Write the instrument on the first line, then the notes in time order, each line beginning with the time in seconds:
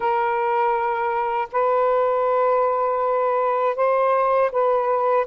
saxophone
0.00 A#4
1.52 B4
3.75 C5
4.51 B4